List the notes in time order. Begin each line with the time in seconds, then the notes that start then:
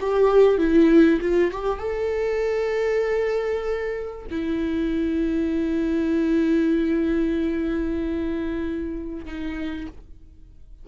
0.00 G4
0.58 E4
1.21 F4
1.51 G4
1.79 A4
4.30 E4
9.25 D#4